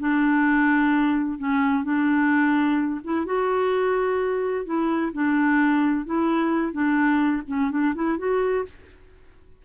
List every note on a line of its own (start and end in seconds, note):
0.00 1.39 D4
1.39 1.84 C#4
1.84 3.01 D4
3.04 3.26 E4
3.26 4.66 F#4
4.66 5.12 E4
5.13 6.06 D4
6.06 6.73 E4
6.73 7.43 D4
7.48 7.71 C#4
7.71 7.95 D4
7.95 8.18 E4
8.18 8.65 F#4